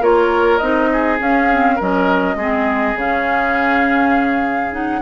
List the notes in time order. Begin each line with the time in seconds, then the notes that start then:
0.00 A#3 F4 A#4 C#5
0.58 C4 D#4 D#5
0.92 G#4
1.20 C#4 F5
1.50 C4
1.75 F#3 C#4 A#4 D#5
2.35 G#3 C4 G#4
2.95 C#3 C#4 F5
4.71 D#4 F#5